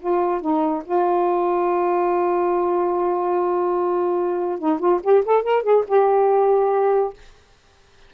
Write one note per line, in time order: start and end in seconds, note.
0.00 0.41 F4
0.41 0.83 D#4
0.85 4.59 F4
4.59 4.79 D#4
4.79 5.00 F4
5.03 5.24 G4
5.25 5.43 A4
5.43 5.63 A#4
5.63 5.84 G#4
5.88 7.13 G4